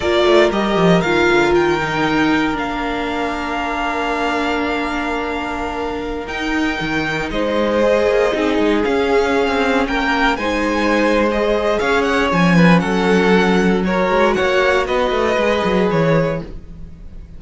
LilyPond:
<<
  \new Staff \with { instrumentName = "violin" } { \time 4/4 \tempo 4 = 117 d''4 dis''4 f''4 g''4~ | g''4 f''2.~ | f''1~ | f''16 g''2 dis''4.~ dis''16~ |
dis''4~ dis''16 f''2 g''8.~ | g''16 gis''4.~ gis''16 dis''4 f''8 fis''8 | gis''4 fis''2 cis''4 | fis''4 dis''2 cis''4 | }
  \new Staff \with { instrumentName = "violin" } { \time 4/4 ais'1~ | ais'1~ | ais'1~ | ais'2~ ais'16 c''4.~ c''16~ |
c''16 gis'2. ais'8.~ | ais'16 c''2~ c''8. cis''4~ | cis''8 b'8 a'2 ais'4 | cis''4 b'2. | }
  \new Staff \with { instrumentName = "viola" } { \time 4/4 f'4 g'4 f'4. dis'8~ | dis'4 d'2.~ | d'1~ | d'16 dis'2. gis'8.~ |
gis'16 dis'4 cis'2~ cis'8.~ | cis'16 dis'4.~ dis'16 gis'2 | cis'2. fis'4~ | fis'2 gis'2 | }
  \new Staff \with { instrumentName = "cello" } { \time 4/4 ais8 a8 g8 f8 dis8 d8 dis4~ | dis4 ais2.~ | ais1~ | ais16 dis'4 dis4 gis4. ais16~ |
ais16 c'8 gis8 cis'4~ cis'16 c'8. ais8.~ | ais16 gis2~ gis8. cis'4 | f4 fis2~ fis8 gis8 | ais4 b8 a8 gis8 fis8 e4 | }
>>